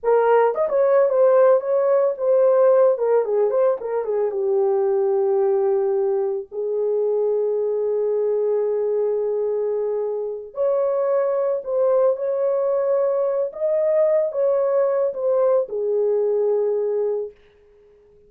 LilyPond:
\new Staff \with { instrumentName = "horn" } { \time 4/4 \tempo 4 = 111 ais'4 dis''16 cis''8. c''4 cis''4 | c''4. ais'8 gis'8 c''8 ais'8 gis'8 | g'1 | gis'1~ |
gis'2.~ gis'8 cis''8~ | cis''4. c''4 cis''4.~ | cis''4 dis''4. cis''4. | c''4 gis'2. | }